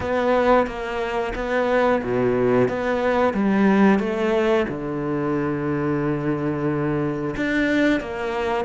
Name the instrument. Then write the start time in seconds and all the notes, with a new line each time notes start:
cello
0.00 B3
0.66 A#3
1.35 B3
2.02 B2
2.68 B3
3.33 G3
3.99 A3
4.68 D3
7.36 D4
8.00 A#3